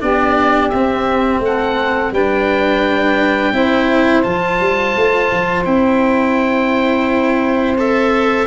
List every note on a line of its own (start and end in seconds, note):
0.00 0.72 B3
0.00 0.71 D4
0.00 1.42 G4
0.00 0.69 D5
0.69 1.39 C4
0.69 2.15 C4
0.69 1.40 E5
1.39 2.10 A3
1.39 2.12 A4
1.39 2.14 F#5
2.11 3.52 G3
2.11 3.54 D4
2.11 3.53 B4
2.11 4.23 G5
3.52 4.22 C4
3.52 4.23 E4
3.52 8.46 C5
4.23 4.60 F3
4.23 5.64 F4
4.23 5.64 A5
4.60 4.95 G3
4.96 5.31 A3
5.32 5.66 F3
5.64 8.46 C4
5.64 7.76 E4
5.64 7.77 G5
7.78 8.46 A4
7.78 8.46 E5